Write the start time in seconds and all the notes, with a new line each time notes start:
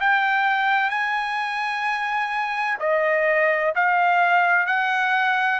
0.00 G5
0.90 G#5
2.80 D#5
3.75 F5
4.66 F#5